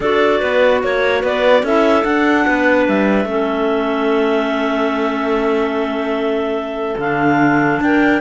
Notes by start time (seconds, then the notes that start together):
0.00 D4 F#4 A4 D5
0.40 B3 B4
0.83 A#3 C#5
1.20 B3 B4 D5
1.62 C#4 E4 A4 E5
2.03 D4 F#5
2.45 B3 B4
2.88 G3 E5
3.24 A3 C#4 A4
6.97 D3 D4 F5
7.81 D4 A#4 G5